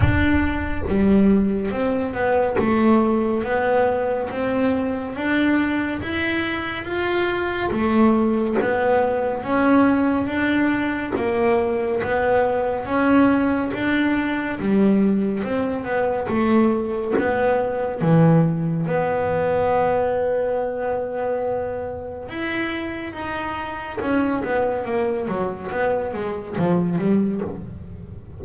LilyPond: \new Staff \with { instrumentName = "double bass" } { \time 4/4 \tempo 4 = 70 d'4 g4 c'8 b8 a4 | b4 c'4 d'4 e'4 | f'4 a4 b4 cis'4 | d'4 ais4 b4 cis'4 |
d'4 g4 c'8 b8 a4 | b4 e4 b2~ | b2 e'4 dis'4 | cis'8 b8 ais8 fis8 b8 gis8 f8 g8 | }